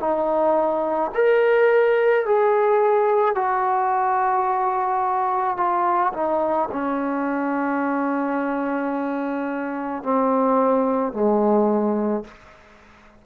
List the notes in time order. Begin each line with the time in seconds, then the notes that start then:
0.00 D#4
1.15 A#4
2.26 G#4
3.35 F#4
5.57 F4
6.14 D#4
6.72 C#4
10.04 C4
11.13 G#3